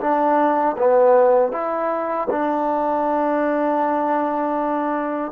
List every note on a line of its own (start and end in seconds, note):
0.00 0.76 D4
0.78 1.52 B3
1.52 2.28 E4
2.30 5.31 D4